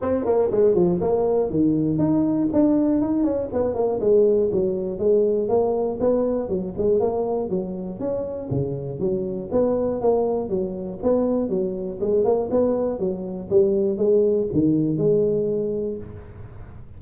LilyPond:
\new Staff \with { instrumentName = "tuba" } { \time 4/4 \tempo 4 = 120 c'8 ais8 gis8 f8 ais4 dis4 | dis'4 d'4 dis'8 cis'8 b8 ais8 | gis4 fis4 gis4 ais4 | b4 fis8 gis8 ais4 fis4 |
cis'4 cis4 fis4 b4 | ais4 fis4 b4 fis4 | gis8 ais8 b4 fis4 g4 | gis4 dis4 gis2 | }